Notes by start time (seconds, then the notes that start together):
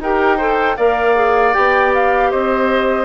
0.00 D#4 G4 A#4 G5
0.38 A4 C5
0.77 A#3 A#4 D5 F5
1.16 G#4
1.54 B3 G4 G5
1.94 F5
2.31 C4 C5 D#5